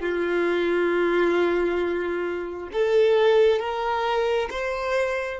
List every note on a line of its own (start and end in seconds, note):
0.00 2.69 F4
2.73 3.59 A4
3.59 4.49 A#4
4.50 5.39 C5